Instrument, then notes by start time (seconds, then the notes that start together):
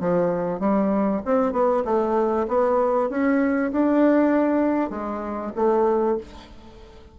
bassoon
0.00 F3
0.60 G3
1.26 C4
1.53 B3
1.85 A3
2.49 B3
3.10 C#4
3.72 D4
4.90 G#3
5.56 A3